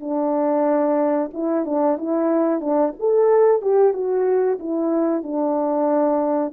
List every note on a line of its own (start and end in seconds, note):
0.00 1.30 D4
1.33 1.65 E4
1.65 1.97 D4
1.97 2.61 E4
2.61 2.93 D4
2.99 3.61 A4
3.61 3.93 G4
3.93 4.58 F#4
4.59 5.23 E4
5.23 6.53 D4